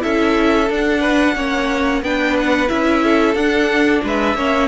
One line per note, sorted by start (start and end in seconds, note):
0.00 0.70 C#4
0.00 0.67 E4
0.00 1.01 A4
0.00 0.70 E5
0.70 1.36 D4
0.70 2.04 F#5
1.01 1.34 B4
1.36 2.02 A#3
1.36 2.03 C#4
1.36 2.03 C#5
2.02 2.69 B3
2.02 2.68 D4
2.02 3.04 B4
2.02 2.37 G5
2.40 2.69 F#5
2.68 3.35 C#4
2.68 3.35 E4
2.68 3.35 E5
3.04 4.04 A4
3.35 4.02 D4
3.35 4.38 D4
3.35 4.02 F#5
4.04 4.35 G#3
4.04 4.36 B4
4.04 4.69 E5
4.35 4.68 A#3
4.35 4.69 C#4
4.35 4.69 C#5